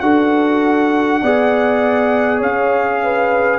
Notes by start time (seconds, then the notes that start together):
0.00 D4 F#4 A4 F#5
1.22 B3 G#4 D5
2.38 C#4 C#5 F5
3.03 B4